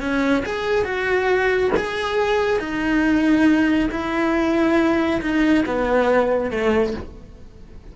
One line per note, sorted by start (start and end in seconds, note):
0.00 0.43 C#4
0.45 0.84 G#4
0.84 1.71 F#4
1.76 2.59 G#4
2.59 3.89 D#4
3.91 5.21 E4
5.21 5.64 D#4
5.66 6.51 B3
6.51 6.94 A3